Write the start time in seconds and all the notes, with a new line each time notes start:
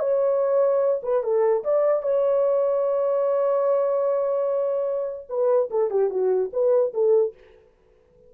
0.00 C#5
1.03 B4
1.23 A4
1.64 D5
2.03 C#5
5.29 B4
5.71 A4
5.91 G4
6.10 F#4
6.53 B4
6.94 A4